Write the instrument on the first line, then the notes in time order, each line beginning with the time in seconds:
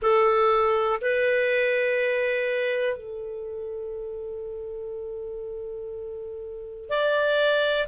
clarinet
0.01 A4
1.01 B4
2.96 A4
6.89 D5